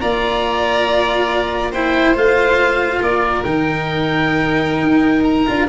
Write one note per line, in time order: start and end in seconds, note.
0.00 2.16 A#3
0.00 1.72 F4
0.00 1.71 D5
0.00 1.71 A#5
1.71 2.15 E4
1.71 2.99 C5
1.71 2.16 G5
2.15 3.01 A3
2.15 3.43 F4
2.15 3.02 F5
3.01 3.44 A#3
3.01 5.69 A#4
3.01 3.43 D5
3.43 4.82 D#3
3.43 5.46 D#4
3.43 5.23 G5
4.82 5.46 D#4
5.23 5.66 A#5
5.46 5.69 D4
5.46 5.68 F4